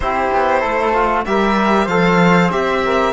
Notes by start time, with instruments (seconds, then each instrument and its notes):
0.00 cello C4, trombone E4, flute G4, violin C5
0.32 cello B3
0.60 cello A3, flute A4
0.93 trombone F4
1.25 cello G3, trombone G4, flute A#4, violin E5
1.84 cello F3, trombone A4, flute C5, violin F5
2.51 cello C4, trombone G4, violin E5
2.85 flute A#4